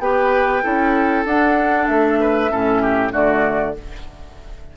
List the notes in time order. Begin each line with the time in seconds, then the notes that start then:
0.00 B3 G4 B4 G5
0.63 C#4 E4 A4
1.25 D4 F#5
1.87 A3 E5
2.20 B4
2.50 A2 C#4 A4
2.82 G4
3.11 D3 A3 F#4 D5